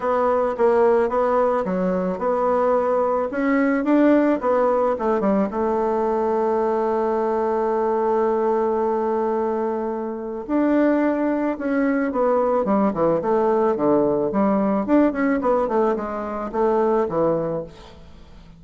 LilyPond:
\new Staff \with { instrumentName = "bassoon" } { \time 4/4 \tempo 4 = 109 b4 ais4 b4 fis4 | b2 cis'4 d'4 | b4 a8 g8 a2~ | a1~ |
a2. d'4~ | d'4 cis'4 b4 g8 e8 | a4 d4 g4 d'8 cis'8 | b8 a8 gis4 a4 e4 | }